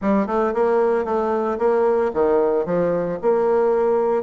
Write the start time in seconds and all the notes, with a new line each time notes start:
0.01 G3
0.27 A3
0.54 A#3
1.05 A3
1.58 A#3
2.13 D#3
2.65 F3
3.21 A#3